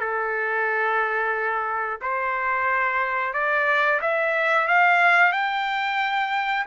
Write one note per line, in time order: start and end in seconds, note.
0.00 2.00 A4
2.02 3.34 C5
3.34 4.00 D5
4.02 4.68 E5
4.68 5.32 F5
5.32 6.66 G5